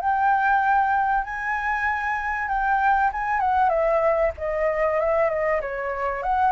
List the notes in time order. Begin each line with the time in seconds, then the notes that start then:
0.00 G5
1.24 G#5
2.48 G5
3.12 G#5
3.40 F#5
3.69 E5
4.38 D#5
5.00 E5
5.30 D#5
5.61 C#5
6.23 F#5